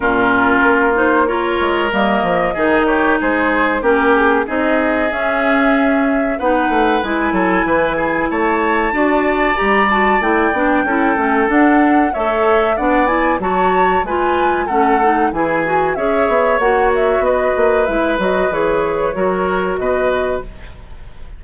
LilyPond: <<
  \new Staff \with { instrumentName = "flute" } { \time 4/4 \tempo 4 = 94 ais'4. c''8 cis''4 dis''4~ | dis''8 cis''8 c''4 ais'8 gis'8 dis''4 | e''2 fis''4 gis''4~ | gis''4 a''2 ais''8 a''8 |
g''2 fis''4 e''4 | fis''8 gis''8 a''4 gis''4 fis''4 | gis''4 e''4 fis''8 e''8 dis''4 | e''8 dis''8 cis''2 dis''4 | }
  \new Staff \with { instrumentName = "oboe" } { \time 4/4 f'2 ais'2 | gis'8 g'8 gis'4 g'4 gis'4~ | gis'2 b'4. a'8 | b'8 gis'8 cis''4 d''2~ |
d''4 a'2 cis''4 | d''4 cis''4 b'4 a'4 | gis'4 cis''2 b'4~ | b'2 ais'4 b'4 | }
  \new Staff \with { instrumentName = "clarinet" } { \time 4/4 cis'4. dis'8 f'4 ais4 | dis'2 cis'4 dis'4 | cis'2 dis'4 e'4~ | e'2 fis'4 g'8 fis'8 |
e'8 d'8 e'8 cis'8 d'4 a'4 | d'8 e'8 fis'4 f'4 cis'8 dis'8 | e'8 fis'8 gis'4 fis'2 | e'8 fis'8 gis'4 fis'2 | }
  \new Staff \with { instrumentName = "bassoon" } { \time 4/4 ais,4 ais4. gis8 g8 f8 | dis4 gis4 ais4 c'4 | cis'2 b8 a8 gis8 fis8 | e4 a4 d'4 g4 |
a8 b8 cis'8 a8 d'4 a4 | b4 fis4 gis4 a4 | e4 cis'8 b8 ais4 b8 ais8 | gis8 fis8 e4 fis4 b,4 | }
>>